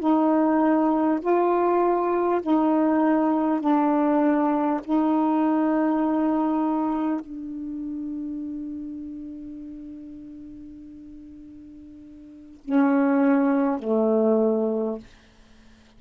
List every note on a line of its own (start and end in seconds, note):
0.00 1.20 D#4
1.22 2.42 F4
2.42 3.61 D#4
3.61 4.81 D4
4.84 7.21 D#4
7.21 12.61 D4
12.65 13.79 C#4
13.79 14.99 A3